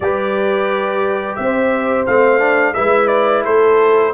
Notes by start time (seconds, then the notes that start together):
0.00 G3 G4 B4 D5
1.35 C4 C5 E5
2.06 A3 C4 F5
2.39 D4
2.74 G#3 E4 B4 E5
3.07 D5
3.43 A3 A4 C5